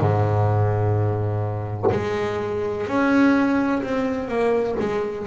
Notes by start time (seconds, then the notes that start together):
0.00 G#2
1.91 G#3
2.87 C#4
3.82 C4
4.28 A#3
4.79 G#3